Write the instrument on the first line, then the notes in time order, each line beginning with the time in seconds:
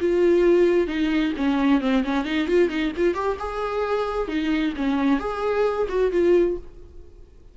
viola
0.00 F4
0.87 D#4
1.37 C#4
1.81 C4
2.04 C#4
2.25 D#4
2.48 F4
2.69 D#4
2.96 F4
3.14 G4
3.39 G#4
4.28 D#4
4.76 C#4
5.19 G#4
5.89 F#4
6.11 F4